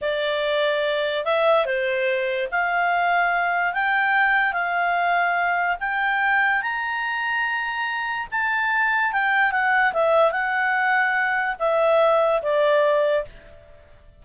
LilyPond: \new Staff \with { instrumentName = "clarinet" } { \time 4/4 \tempo 4 = 145 d''2. e''4 | c''2 f''2~ | f''4 g''2 f''4~ | f''2 g''2 |
ais''1 | a''2 g''4 fis''4 | e''4 fis''2. | e''2 d''2 | }